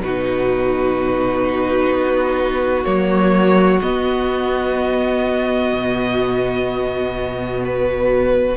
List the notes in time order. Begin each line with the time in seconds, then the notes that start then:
0.00 B2 D#4 F#4 B4
1.90 B3
2.85 F#3 A#3 C#5
3.82 B3 D#5
5.73 B2
7.65 B4